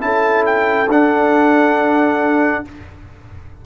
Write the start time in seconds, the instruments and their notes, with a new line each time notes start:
0.00 tuba C#4, trombone E4, horn A4, trumpet A5
0.46 trumpet G5
0.88 tuba D4, trombone D4, trumpet F#5